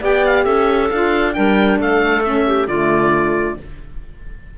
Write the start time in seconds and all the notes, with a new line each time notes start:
0.00 B3 G4 D5 G5
0.26 F5
0.44 C#4 A4 E5
0.90 D4 F4 F5
1.33 G3 D4 A#4 G5
1.79 A3 A4 F5
2.23 C#4 E5
2.46 G4
2.67 D3 A3 F4 D5